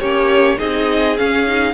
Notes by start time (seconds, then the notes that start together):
0.00 A#3 C#4 G4 C#5
0.58 C4 D#4 G#4 D#5
1.17 C#4 F5
1.47 D#4